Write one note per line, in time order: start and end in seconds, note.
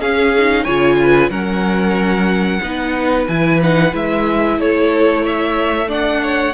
0.00 0.65 C#4
0.00 0.35 C#4
0.00 0.64 G#4
0.00 0.64 F5
0.38 0.68 D#4
0.64 1.30 C#3
0.64 1.31 F4
0.64 0.97 C#5
0.64 1.30 G#5
1.02 1.31 B4
1.30 2.60 F#3
1.30 2.61 C#4
1.30 2.61 A#4
1.30 3.27 F#5
2.62 3.27 B3
2.62 3.28 D#4
2.62 4.59 B4
3.28 3.94 E3
3.28 3.62 E4
3.28 3.60 G#5
3.62 3.91 D#4
3.62 3.96 F#5
3.91 4.58 G#3
3.91 5.87 E4
3.91 4.60 E5
4.58 6.54 A3
4.58 5.23 A4
4.58 5.26 C#5
5.23 5.88 C#5
5.23 5.91 E5
5.88 6.54 D4
5.88 6.21 D5
5.88 6.54 F#5
6.23 6.54 C#5